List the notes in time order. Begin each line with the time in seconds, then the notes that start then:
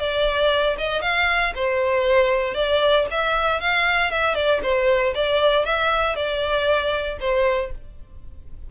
0.00 D5
0.78 D#5
1.02 F5
1.56 C5
2.55 D5
3.11 E5
3.61 F5
4.11 E5
4.35 D5
4.63 C5
5.15 D5
5.65 E5
6.16 D5
7.20 C5